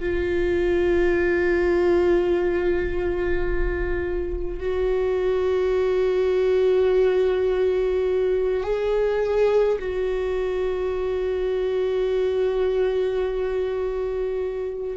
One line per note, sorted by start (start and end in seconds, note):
0.00 4.60 F4
4.60 8.64 F#4
8.64 9.79 G#4
9.80 14.97 F#4